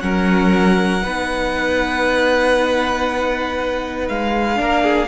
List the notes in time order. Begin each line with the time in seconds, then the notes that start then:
0.00 F#3 C#4 A#4 F#5
1.00 B3 D#4 B4
4.09 G#3 F5
4.56 A#3 D4 A#4
4.83 G#4